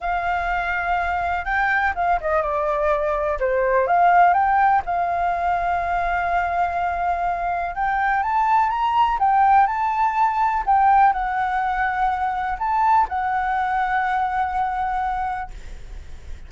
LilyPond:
\new Staff \with { instrumentName = "flute" } { \time 4/4 \tempo 4 = 124 f''2. g''4 | f''8 dis''8 d''2 c''4 | f''4 g''4 f''2~ | f''1 |
g''4 a''4 ais''4 g''4 | a''2 g''4 fis''4~ | fis''2 a''4 fis''4~ | fis''1 | }